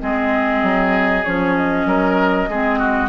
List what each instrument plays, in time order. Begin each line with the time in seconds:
0.00 bassoon G#3, clarinet C4, oboe G#4, flute D#5
0.63 bassoon F#3
1.24 bassoon F3, clarinet C#4, flute C#5
1.56 flute D#5
1.86 bassoon F#3, oboe A#4
2.49 bassoon G#3, clarinet C4, oboe G#4
2.79 oboe F#4